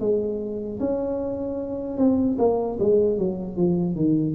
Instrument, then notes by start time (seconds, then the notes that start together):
tuba
0.00 G#3
0.80 C#4
1.97 C4
2.38 A#3
2.80 G#3
3.18 F#3
3.57 F3
3.95 D#3